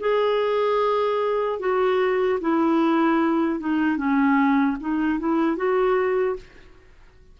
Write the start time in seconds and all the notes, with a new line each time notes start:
0.00 G#4
1.60 F#4
2.41 E4
3.60 D#4
3.97 C#4
4.81 D#4
5.20 E4
5.57 F#4